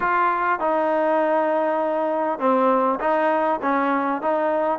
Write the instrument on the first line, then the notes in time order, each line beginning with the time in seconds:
trombone
0.00 F4
0.59 D#4
2.39 C4
2.99 D#4
3.62 C#4
4.21 D#4